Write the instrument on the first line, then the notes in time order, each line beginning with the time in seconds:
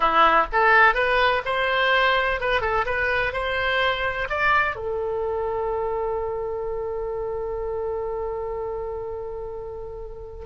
oboe
0.00 E4
0.52 A4
0.94 B4
1.45 C5
2.40 B4
2.61 A4
2.85 B4
3.32 C5
4.29 D5
4.75 A4